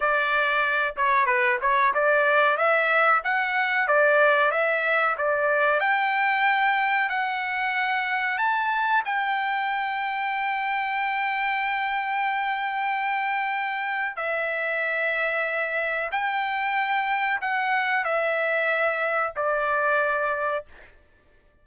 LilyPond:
\new Staff \with { instrumentName = "trumpet" } { \time 4/4 \tempo 4 = 93 d''4. cis''8 b'8 cis''8 d''4 | e''4 fis''4 d''4 e''4 | d''4 g''2 fis''4~ | fis''4 a''4 g''2~ |
g''1~ | g''2 e''2~ | e''4 g''2 fis''4 | e''2 d''2 | }